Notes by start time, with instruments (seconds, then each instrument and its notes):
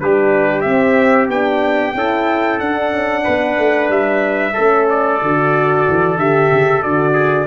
0.00 tuba G3, horn D4, trumpet G4 B4
0.61 horn C4, tuba C4, trumpet E5
1.28 tuba B3, horn D4, trumpet G5
1.95 tuba C#4, horn E4, trumpet A4
2.60 tuba D4, horn D4, trumpet F#5
2.93 tuba C#4
3.24 tuba B3, trumpet B4
3.59 tuba A3
3.90 tuba G3, trumpet E5
4.54 tuba A3, horn C#4, trumpet A4
4.90 trumpet D5
5.22 tuba D3, horn F#4
5.89 tuba E3
6.17 tuba D3, horn G4, trumpet E5
6.52 tuba C#3
6.83 tuba D3, horn F#4, trumpet D5
7.14 trumpet G#4